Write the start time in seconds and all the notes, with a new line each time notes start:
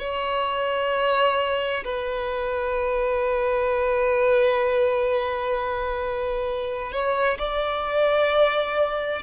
0.00 C#5
1.85 B4
6.92 C#5
7.39 D5